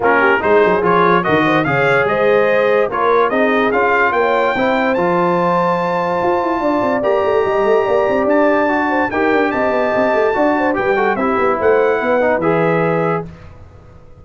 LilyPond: <<
  \new Staff \with { instrumentName = "trumpet" } { \time 4/4 \tempo 4 = 145 ais'4 c''4 cis''4 dis''4 | f''4 dis''2 cis''4 | dis''4 f''4 g''2 | a''1~ |
a''4 ais''2. | a''2 g''4 a''4~ | a''2 g''4 e''4 | fis''2 e''2 | }
  \new Staff \with { instrumentName = "horn" } { \time 4/4 f'8 g'8 gis'2 ais'8 c''8 | cis''4 c''2 ais'4 | gis'2 cis''4 c''4~ | c''1 |
d''2 dis''4 d''4~ | d''4. c''8 ais'4 dis''4~ | dis''4 d''8 c''8 b'8 a'8 g'4 | c''4 b'2. | }
  \new Staff \with { instrumentName = "trombone" } { \time 4/4 cis'4 dis'4 f'4 fis'4 | gis'2. f'4 | dis'4 f'2 e'4 | f'1~ |
f'4 g'2.~ | g'4 fis'4 g'2~ | g'4 fis'4 g'8 fis'8 e'4~ | e'4. dis'8 gis'2 | }
  \new Staff \with { instrumentName = "tuba" } { \time 4/4 ais4 gis8 fis8 f4 dis4 | cis4 gis2 ais4 | c'4 cis'4 ais4 c'4 | f2. f'8 e'8 |
d'8 c'8 ais8 a8 g8 a8 ais8 c'8 | d'2 dis'8 d'8 c'8 b8 | c'8 a8 d'4 g4 c'8 b8 | a4 b4 e2 | }
>>